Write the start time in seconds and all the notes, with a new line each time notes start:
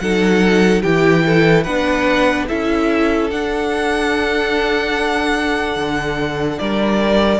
0.00 F#3 D#4 A4 F#5
0.82 E3 E4 G4 G5
1.26 A4
1.64 B3 D4 B4 F#5
2.48 C#4 E4 A4 E5
3.30 D4 F#5
5.76 D3
6.59 G3 A#4 D5